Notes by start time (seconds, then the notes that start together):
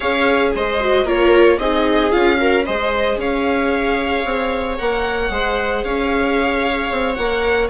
0.00 C#4 G#4 C#5 F5
0.54 G#3 C5 D#5
0.79 F#4
1.04 A#3 F4 A#4 C#5
1.58 C4 D#4 G#4 D#5
2.11 C#4 F4 F5
2.36 F#4 A#4
2.65 G#3 G#4 C5 D#5
3.17 C#4 C#5 F5
4.25 C4
4.77 A#3 A#4 F#5
5.29 G#3 G#4 C5
5.84 C#4 C#5 F5
6.91 C4
7.14 A#3 A#4 F#5